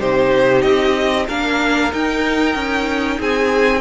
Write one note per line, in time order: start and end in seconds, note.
0.00 0.64 C3
0.00 1.28 D#4
0.00 1.28 G4
0.00 0.62 C5
0.62 1.28 C4
0.62 1.26 D#5
1.28 1.93 A#3
1.28 1.92 D4
1.28 3.19 A#4
1.28 1.93 F5
1.92 3.81 D#4
1.92 2.56 D#4
1.92 3.21 G5
2.56 3.20 C#4
3.20 3.81 C4
3.20 3.81 G#4
3.20 3.81 G#5